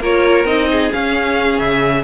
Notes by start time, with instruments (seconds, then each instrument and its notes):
0.00 cello A#3, viola F4, violin A#4 C#5
0.44 cello C4, viola D#4, violin D#5
0.71 violin G#4
0.91 viola C#4, cello C#4, violin F5
1.59 cello C#3, violin E5